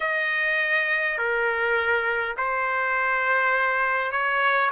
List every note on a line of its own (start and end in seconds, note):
0.00 1.18 D#5
1.18 2.35 A#4
2.37 4.11 C5
4.11 4.70 C#5